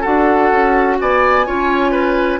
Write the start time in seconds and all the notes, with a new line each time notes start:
0.00 D4 F#4 A4 F#5
0.51 C#4
1.00 B3 D5 G#5
1.45 C#4 F4 C#5
1.91 B4